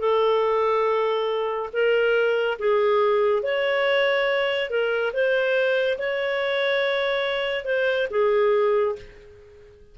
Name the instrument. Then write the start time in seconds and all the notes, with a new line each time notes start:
clarinet
0.00 A4
1.73 A#4
2.59 G#4
3.43 C#5
4.70 A#4
5.14 C5
5.99 C#5
7.65 C5
8.11 G#4